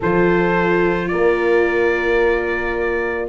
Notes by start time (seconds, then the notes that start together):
0.00 F3 F4 A4 C5
1.08 A#3 A#4 D5